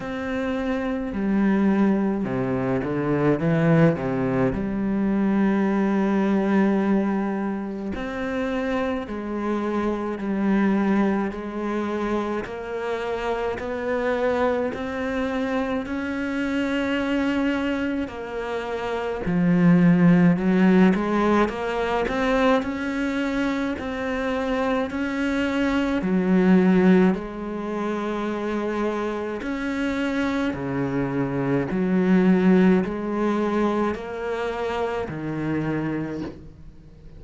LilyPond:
\new Staff \with { instrumentName = "cello" } { \time 4/4 \tempo 4 = 53 c'4 g4 c8 d8 e8 c8 | g2. c'4 | gis4 g4 gis4 ais4 | b4 c'4 cis'2 |
ais4 f4 fis8 gis8 ais8 c'8 | cis'4 c'4 cis'4 fis4 | gis2 cis'4 cis4 | fis4 gis4 ais4 dis4 | }